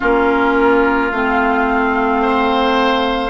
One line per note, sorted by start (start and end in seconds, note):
0.00 1.11 A#3
0.00 1.11 C#4
0.00 2.21 F4
0.00 1.11 A#4
1.11 3.29 A3
1.11 3.29 C4
1.11 3.29 F5
2.21 3.29 C5